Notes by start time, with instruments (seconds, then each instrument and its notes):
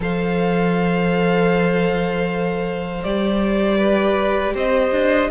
0.00 cello F3, viola A4, violin C5 F5
3.03 cello G3, viola G4, violin D5
3.77 violin B4
4.53 cello C4, violin C5 D#5
4.92 cello D4